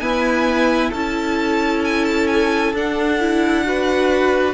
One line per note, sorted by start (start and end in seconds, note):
0.00 0.92 B3
0.00 0.93 E4
0.00 0.90 B4
0.00 0.91 G#5
0.90 2.73 C#4
0.90 2.75 E4
0.90 3.63 A4
0.90 1.85 A5
1.85 2.05 G#5
2.05 2.28 A5
2.28 2.73 G#5
2.73 4.55 D4
2.73 3.20 D4
2.73 4.55 F#5
3.20 3.65 E4
3.65 4.55 F#4
3.65 4.55 B4